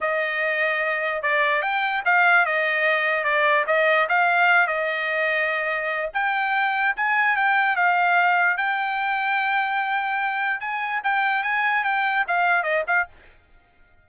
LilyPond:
\new Staff \with { instrumentName = "trumpet" } { \time 4/4 \tempo 4 = 147 dis''2. d''4 | g''4 f''4 dis''2 | d''4 dis''4 f''4. dis''8~ | dis''2. g''4~ |
g''4 gis''4 g''4 f''4~ | f''4 g''2.~ | g''2 gis''4 g''4 | gis''4 g''4 f''4 dis''8 f''8 | }